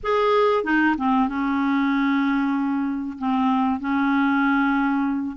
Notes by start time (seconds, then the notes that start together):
0.03 G#4
0.63 D#4
0.97 C4
1.28 C#4
3.18 C4
3.80 C#4